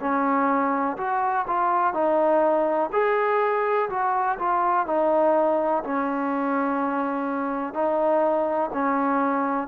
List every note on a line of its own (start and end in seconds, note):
0.00 0.97 C#4
0.97 1.46 F#4
1.47 1.94 F4
1.94 2.90 D#4
2.93 3.89 G#4
3.90 4.38 F#4
4.39 4.87 F4
4.87 5.83 D#4
5.84 7.73 C#4
7.73 8.70 D#4
8.73 9.68 C#4